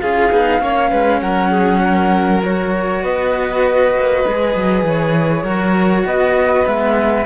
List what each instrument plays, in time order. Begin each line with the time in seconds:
0.00 cello C#4 F4, violin G#4, flute F5
0.31 cello B3 D#4
0.60 cello A#3 C#4, violin C#5
0.90 cello G#3, violin B4
1.20 cello F#3, violin A#4, flute F#5
1.51 violin G#4
1.84 violin A#4
2.43 cello F#4, flute C#5
3.02 cello B3, violin B4, flute D#5
3.94 cello A#3
4.26 cello G#3 G#4
4.55 cello F#3
4.83 cello E3, flute C#5
5.43 cello F#3 F#4, violin A#4
6.05 cello B3, violin B4, flute D#5
6.65 cello G#3 B3, flute E5